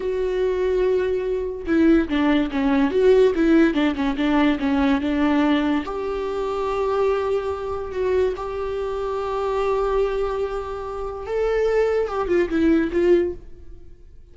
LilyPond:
\new Staff \with { instrumentName = "viola" } { \time 4/4 \tempo 4 = 144 fis'1 | e'4 d'4 cis'4 fis'4 | e'4 d'8 cis'8 d'4 cis'4 | d'2 g'2~ |
g'2. fis'4 | g'1~ | g'2. a'4~ | a'4 g'8 f'8 e'4 f'4 | }